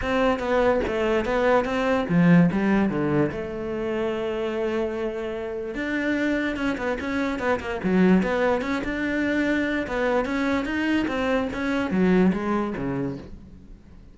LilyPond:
\new Staff \with { instrumentName = "cello" } { \time 4/4 \tempo 4 = 146 c'4 b4 a4 b4 | c'4 f4 g4 d4 | a1~ | a2 d'2 |
cis'8 b8 cis'4 b8 ais8 fis4 | b4 cis'8 d'2~ d'8 | b4 cis'4 dis'4 c'4 | cis'4 fis4 gis4 cis4 | }